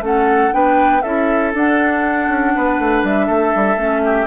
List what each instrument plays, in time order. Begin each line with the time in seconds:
0.00 bassoon A3, clarinet C#4, oboe A4, flute F#5
0.51 bassoon B3, clarinet D4, oboe B4, flute G5
1.01 bassoon C#4, clarinet E4, oboe A4, flute E5
1.53 bassoon D4, clarinet D4, flute F#5
2.28 bassoon C#4
2.55 bassoon B3, oboe B4
2.78 bassoon A3
3.03 bassoon G3, flute E5
3.26 bassoon A3, oboe A4
3.55 bassoon G3
3.76 bassoon A3, clarinet C#4
4.04 oboe G4